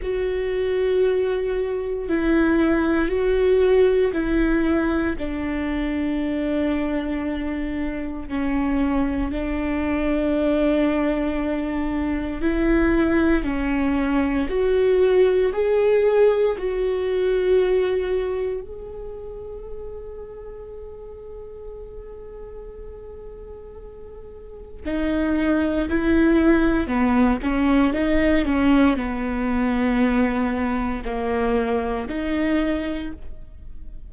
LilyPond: \new Staff \with { instrumentName = "viola" } { \time 4/4 \tempo 4 = 58 fis'2 e'4 fis'4 | e'4 d'2. | cis'4 d'2. | e'4 cis'4 fis'4 gis'4 |
fis'2 gis'2~ | gis'1 | dis'4 e'4 b8 cis'8 dis'8 cis'8 | b2 ais4 dis'4 | }